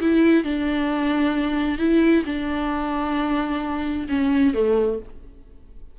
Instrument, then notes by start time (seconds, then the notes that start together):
viola
0.00 E4
0.44 D4
1.78 E4
2.25 D4
4.09 C#4
4.54 A3